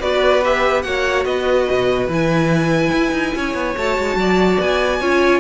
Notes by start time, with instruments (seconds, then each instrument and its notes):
0.00 cello B3, viola F#4, violin B4 D5
0.43 viola G4, violin E5
0.82 cello A#3, viola F#4, violin C#5 F#5
1.25 cello B3, violin B4 D#5
1.70 cello B2
2.08 cello E3, viola E4, violin G#5
2.93 cello E4
3.12 cello D#4
3.35 cello C#4, violin C#5
3.54 cello B3
3.77 cello A3, viola F#4, violin A5
3.98 cello G#3
4.16 cello F#3, violin D5
4.60 cello B3, violin G#5
5.01 cello C#4, viola F4, violin C#5